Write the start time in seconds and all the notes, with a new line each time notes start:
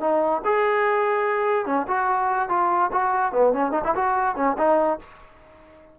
0.00 D#4
0.44 G#4
1.65 C#4
1.87 F#4
2.49 F4
2.92 F#4
3.32 B3
3.53 C#4
3.71 D#4
3.84 E4
3.95 F#4
4.35 C#4
4.57 D#4